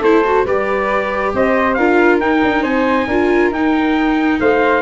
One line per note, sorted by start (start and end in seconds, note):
0.00 0.45 A3
0.00 0.24 E4
0.00 0.44 A4
0.00 0.46 C5
0.24 0.46 F#4
0.45 1.33 G3
0.45 1.79 G4
0.45 1.33 B4
0.45 1.34 D5
1.34 1.77 C4
1.34 1.77 C5
1.34 1.74 D#5
1.74 2.20 D4
1.74 2.21 F4
1.74 2.62 A#4
1.74 2.18 F5
2.20 2.42 D#4
2.20 3.09 D#4
2.20 2.64 G5
2.43 2.63 D4
2.62 3.07 C4
2.62 3.06 C5
2.62 3.51 G#5
3.07 3.50 D4
3.07 3.54 F4
3.07 4.38 A#4
3.50 4.38 D#4
3.50 4.81 D#4
3.50 4.40 G5
4.40 4.81 A3
4.40 4.81 C5
4.40 4.81 F5